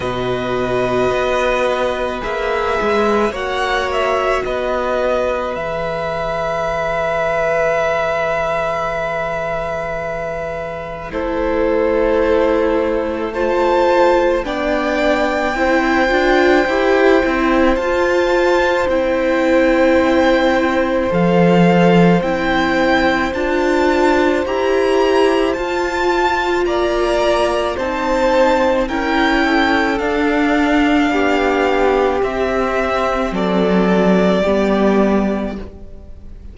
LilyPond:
<<
  \new Staff \with { instrumentName = "violin" } { \time 4/4 \tempo 4 = 54 dis''2 e''4 fis''8 e''8 | dis''4 e''2.~ | e''2 c''2 | a''4 g''2. |
a''4 g''2 f''4 | g''4 a''4 ais''4 a''4 | ais''4 a''4 g''4 f''4~ | f''4 e''4 d''2 | }
  \new Staff \with { instrumentName = "violin" } { \time 4/4 b'2. cis''4 | b'1~ | b'2 a'2 | c''4 d''4 c''2~ |
c''1~ | c''1 | d''4 c''4 ais'8 a'4. | g'2 a'4 g'4 | }
  \new Staff \with { instrumentName = "viola" } { \time 4/4 fis'2 gis'4 fis'4~ | fis'4 gis'2.~ | gis'2 e'2 | f'4 d'4 e'8 f'8 g'8 e'8 |
f'4 e'2 a'4 | e'4 f'4 g'4 f'4~ | f'4 dis'4 e'4 d'4~ | d'4 c'2 b4 | }
  \new Staff \with { instrumentName = "cello" } { \time 4/4 b,4 b4 ais8 gis8 ais4 | b4 e2.~ | e2 a2~ | a4 b4 c'8 d'8 e'8 c'8 |
f'4 c'2 f4 | c'4 d'4 e'4 f'4 | ais4 c'4 cis'4 d'4 | b4 c'4 fis4 g4 | }
>>